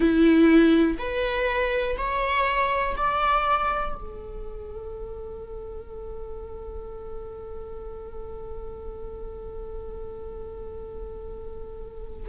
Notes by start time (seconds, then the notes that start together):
0.00 E4
0.98 B4
1.97 C#5
2.96 D5
3.95 A4